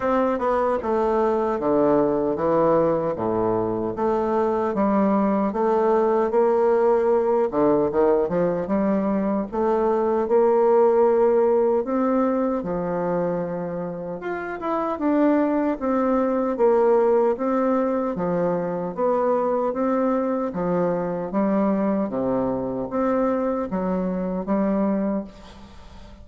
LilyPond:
\new Staff \with { instrumentName = "bassoon" } { \time 4/4 \tempo 4 = 76 c'8 b8 a4 d4 e4 | a,4 a4 g4 a4 | ais4. d8 dis8 f8 g4 | a4 ais2 c'4 |
f2 f'8 e'8 d'4 | c'4 ais4 c'4 f4 | b4 c'4 f4 g4 | c4 c'4 fis4 g4 | }